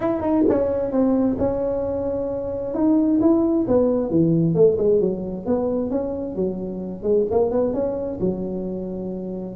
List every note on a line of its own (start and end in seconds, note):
0.00 0.21 E4
0.21 0.44 D#4
0.48 0.91 C#4
0.91 1.36 C4
1.38 2.74 C#4
2.74 3.20 D#4
3.20 3.66 E4
3.67 4.10 B3
4.10 4.54 E3
4.54 4.77 A3
4.77 5.00 G#3
5.00 5.45 F#3
5.45 5.90 B3
5.90 6.35 C#4
6.35 7.02 F#3
7.02 7.25 G#3
7.30 7.51 A#3
7.51 7.73 B3
7.73 8.19 C#4
8.20 9.55 F#3